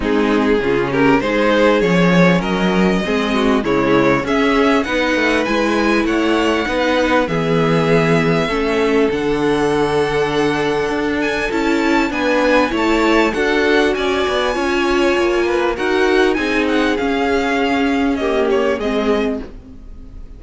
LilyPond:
<<
  \new Staff \with { instrumentName = "violin" } { \time 4/4 \tempo 4 = 99 gis'4. ais'8 c''4 cis''4 | dis''2 cis''4 e''4 | fis''4 gis''4 fis''2 | e''2. fis''4~ |
fis''2~ fis''8 gis''8 a''4 | gis''4 a''4 fis''4 gis''4~ | gis''2 fis''4 gis''8 fis''8 | f''2 dis''8 cis''8 dis''4 | }
  \new Staff \with { instrumentName = "violin" } { \time 4/4 dis'4 f'8 g'8 gis'2 | ais'4 gis'8 fis'8 e'4 gis'4 | b'2 cis''4 b'4 | gis'2 a'2~ |
a'1 | b'4 cis''4 a'4 d''4 | cis''4. b'8 ais'4 gis'4~ | gis'2 g'4 gis'4 | }
  \new Staff \with { instrumentName = "viola" } { \time 4/4 c'4 cis'4 dis'4 cis'4~ | cis'4 c'4 gis4 cis'4 | dis'4 e'2 dis'4 | b2 cis'4 d'4~ |
d'2. e'4 | d'4 e'4 fis'2 | f'2 fis'4 dis'4 | cis'2 ais4 c'4 | }
  \new Staff \with { instrumentName = "cello" } { \time 4/4 gis4 cis4 gis4 f4 | fis4 gis4 cis4 cis'4 | b8 a8 gis4 a4 b4 | e2 a4 d4~ |
d2 d'4 cis'4 | b4 a4 d'4 cis'8 b8 | cis'4 ais4 dis'4 c'4 | cis'2. gis4 | }
>>